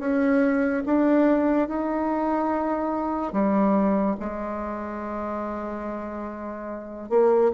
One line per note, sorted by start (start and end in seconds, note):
0.00 0.83 C#4
0.86 1.69 D4
1.69 3.33 D#4
3.33 4.16 G3
4.20 7.10 G#3
7.10 7.52 A#3